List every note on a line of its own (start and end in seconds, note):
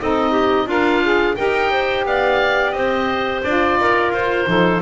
0.00 0.66 C4
0.00 0.69 D#4
0.00 0.31 A4
0.00 0.69 D#5
0.31 0.65 G4
0.66 1.35 D4
0.66 1.35 F4
0.66 1.02 A#4
0.66 1.35 F5
1.02 1.36 G#4
1.35 2.05 D#4
1.35 3.43 G4
1.35 1.71 A#4
1.35 2.04 G5
1.71 2.05 C5
2.05 2.73 B3
2.05 2.75 D5
2.05 2.71 F5
2.71 3.42 C4
2.71 3.79 C5
2.71 3.40 D#5
3.43 3.77 D4
3.43 4.46 F4
3.43 4.12 D5
3.77 4.10 D#4
3.77 4.49 A#4
4.10 4.45 F4
4.10 4.82 C5
4.46 4.81 F3
4.46 4.81 D#4
4.46 4.82 A4